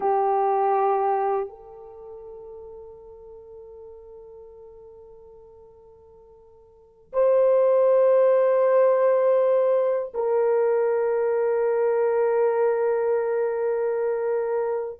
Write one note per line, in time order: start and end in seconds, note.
0.00 1.49 G4
1.49 7.11 A4
7.12 10.12 C5
10.14 14.99 A#4